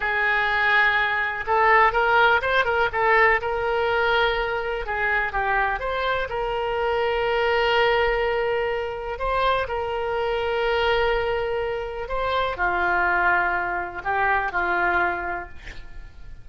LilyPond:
\new Staff \with { instrumentName = "oboe" } { \time 4/4 \tempo 4 = 124 gis'2. a'4 | ais'4 c''8 ais'8 a'4 ais'4~ | ais'2 gis'4 g'4 | c''4 ais'2.~ |
ais'2. c''4 | ais'1~ | ais'4 c''4 f'2~ | f'4 g'4 f'2 | }